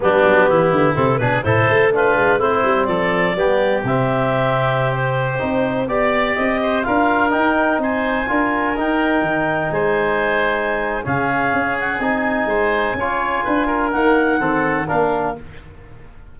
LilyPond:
<<
  \new Staff \with { instrumentName = "clarinet" } { \time 4/4 \tempo 4 = 125 g'2 a'8 b'8 c''4 | b'4 c''4 d''2 | e''2~ e''16 c''4.~ c''16~ | c''16 d''4 dis''4 f''4 g''8.~ |
g''16 gis''2 g''4.~ g''16~ | g''16 gis''2~ gis''8. f''4~ | f''8 fis''8 gis''2.~ | gis''4 fis''2 f''4 | }
  \new Staff \with { instrumentName = "oboe" } { \time 4/4 d'4 e'4. gis'8 a'4 | f'4 e'4 a'4 g'4~ | g'1~ | g'16 d''4. c''8 ais'4.~ ais'16~ |
ais'16 c''4 ais'2~ ais'8.~ | ais'16 c''2~ c''8. gis'4~ | gis'2 c''4 cis''4 | b'8 ais'4. a'4 ais'4 | }
  \new Staff \with { instrumentName = "trombone" } { \time 4/4 b2 c'8 d'8 e'4 | d'4 c'2 b4 | c'2.~ c'16 dis'8.~ | dis'16 g'2 f'4 dis'8.~ |
dis'4~ dis'16 f'4 dis'4.~ dis'16~ | dis'2. cis'4~ | cis'4 dis'2 f'4~ | f'4 ais4 c'4 d'4 | }
  \new Staff \with { instrumentName = "tuba" } { \time 4/4 g8 fis8 e8 d8 c8 b,8 a,8 a8~ | a8 gis8 a8 g8 f4 g4 | c2.~ c16 c'8.~ | c'16 b4 c'4 d'4 dis'8.~ |
dis'16 c'4 d'4 dis'4 dis8.~ | dis16 gis2~ gis8. cis4 | cis'4 c'4 gis4 cis'4 | d'4 dis'4 dis4 ais4 | }
>>